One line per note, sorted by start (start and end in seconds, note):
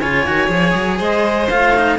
0.00 0.27 C#3
0.00 0.27 F4
0.00 0.98 C#5
0.00 1.00 G#5
0.27 0.49 D#3
0.27 0.48 F#4
0.48 0.74 F3
0.48 1.48 G#4
0.75 1.00 F#3
0.98 1.50 G#3
0.98 1.98 C5
0.98 1.50 D#5
1.50 1.99 A3
1.50 1.76 F4
1.50 1.99 F5
1.76 1.99 D#4